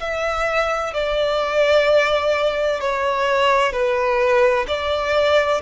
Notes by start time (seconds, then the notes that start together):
0.00 E5
0.93 D5
2.80 C#5
3.72 B4
4.67 D5